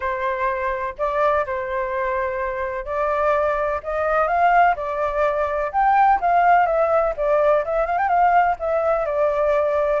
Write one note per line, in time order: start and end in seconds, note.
0.00 0.94 C5
0.97 1.45 D5
1.45 2.85 C5
2.85 3.80 D5
3.83 4.27 D#5
4.27 4.75 F5
4.76 5.71 D5
5.71 6.19 G5
6.20 6.66 F5
6.66 7.13 E5
7.16 7.64 D5
7.65 7.86 E5
7.86 7.97 F5
7.97 8.08 G5
8.08 8.56 F5
8.59 9.05 E5
9.05 10.00 D5